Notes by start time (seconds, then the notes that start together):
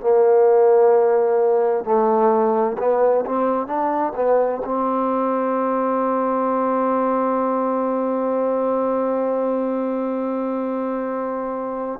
0.00 A#3
1.84 A3
2.78 B3
3.25 C4
3.66 D4
4.15 B3
4.64 C4